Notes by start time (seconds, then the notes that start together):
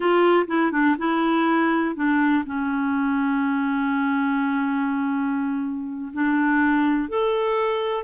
0.00 F4
0.47 E4
0.71 D4
0.98 E4
1.95 D4
2.46 C#4
6.13 D4
7.08 A4